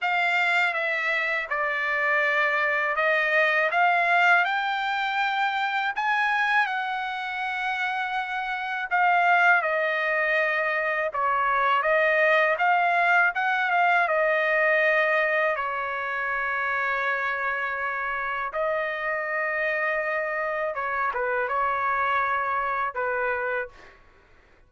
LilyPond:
\new Staff \with { instrumentName = "trumpet" } { \time 4/4 \tempo 4 = 81 f''4 e''4 d''2 | dis''4 f''4 g''2 | gis''4 fis''2. | f''4 dis''2 cis''4 |
dis''4 f''4 fis''8 f''8 dis''4~ | dis''4 cis''2.~ | cis''4 dis''2. | cis''8 b'8 cis''2 b'4 | }